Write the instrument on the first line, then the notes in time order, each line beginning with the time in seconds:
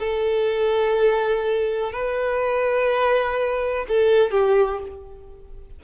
violin
0.00 A4
1.93 B4
3.88 A4
4.32 G4